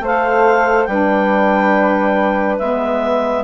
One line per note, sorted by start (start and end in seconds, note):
0.00 0.86 A3
0.00 0.89 A4
0.00 0.89 C5
0.06 0.84 F5
0.84 2.59 G3
0.84 2.61 D4
0.84 3.44 B4
0.84 2.56 G5
2.58 3.44 G#3
2.58 3.44 B3
2.58 3.44 E5